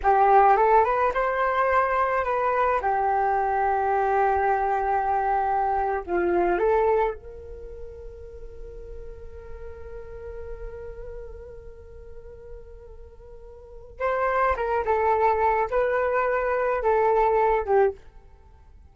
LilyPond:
\new Staff \with { instrumentName = "flute" } { \time 4/4 \tempo 4 = 107 g'4 a'8 b'8 c''2 | b'4 g'2.~ | g'2~ g'8. f'4 a'16~ | a'8. ais'2.~ ais'16~ |
ais'1~ | ais'1~ | ais'4 c''4 ais'8 a'4. | b'2 a'4. g'8 | }